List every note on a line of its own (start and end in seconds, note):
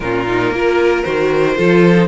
0.00 0.51 A#2
0.00 0.27 C#4
0.00 0.54 F4
0.00 1.03 A#4
0.27 0.53 D#4
0.51 1.03 A#3
0.51 1.04 F4
0.51 1.57 A#4
1.03 1.58 D#3
1.03 1.55 F#4
1.03 2.08 C5
1.55 2.08 F3
1.55 1.94 F4
1.55 2.08 A4
1.95 2.08 D#4